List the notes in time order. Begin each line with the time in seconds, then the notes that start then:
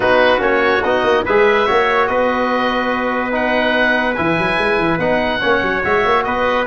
0.00 B3 D#4 F#4 B4
0.38 A#3 C#4 C#5
0.83 B3 D#4 D#5
1.03 A#3
1.25 G#3 G#4 B4 E5
1.66 A#3 F#4 C#5
2.06 B3 B4 D#5
3.31 D#4 F#5
4.15 E3 E4 G#5
4.37 F#3
4.57 G#3
4.79 E3
4.98 B3 D#4 F#5
5.40 A#3 C#4 C#5
5.62 F#3
5.82 G#3 F#4 E5
6.05 A#3
6.23 B3 B4 D#5